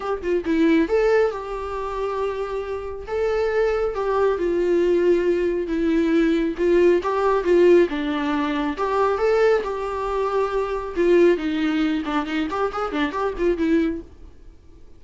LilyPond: \new Staff \with { instrumentName = "viola" } { \time 4/4 \tempo 4 = 137 g'8 f'8 e'4 a'4 g'4~ | g'2. a'4~ | a'4 g'4 f'2~ | f'4 e'2 f'4 |
g'4 f'4 d'2 | g'4 a'4 g'2~ | g'4 f'4 dis'4. d'8 | dis'8 g'8 gis'8 d'8 g'8 f'8 e'4 | }